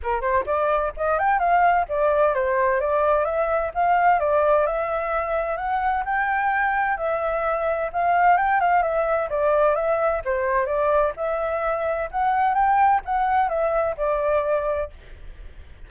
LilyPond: \new Staff \with { instrumentName = "flute" } { \time 4/4 \tempo 4 = 129 ais'8 c''8 d''4 dis''8 g''8 f''4 | d''4 c''4 d''4 e''4 | f''4 d''4 e''2 | fis''4 g''2 e''4~ |
e''4 f''4 g''8 f''8 e''4 | d''4 e''4 c''4 d''4 | e''2 fis''4 g''4 | fis''4 e''4 d''2 | }